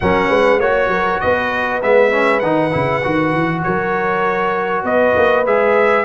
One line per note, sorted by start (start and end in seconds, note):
0.00 0.29 F#3
0.00 0.61 C#4
0.00 0.29 A#4
0.00 0.60 F#5
0.29 0.59 G#3
0.29 0.59 B4
0.59 0.87 A#3
0.59 1.82 F#4
0.59 0.89 C#5
0.59 1.20 C#5
0.87 1.18 F#3
0.87 1.20 A#4
1.20 1.82 B3
1.20 3.65 B4
1.20 1.80 D#5
1.82 2.42 G#3
1.82 2.11 B3
1.82 2.39 E5
2.11 2.41 C#4
2.39 2.72 D#3
2.39 2.71 D#4
2.39 3.61 F#5
2.71 3.04 C#3
2.71 3.01 E4
3.03 3.33 D#3
3.03 5.45 F#4
3.33 3.64 E3
3.62 4.83 F#3
3.62 4.85 A#4
3.62 4.84 C#5
4.83 5.13 B3
4.83 6.04 B4
4.83 5.45 D#5
5.16 5.46 A#3
5.45 6.04 G#3
5.45 6.04 G#4
5.45 6.04 E5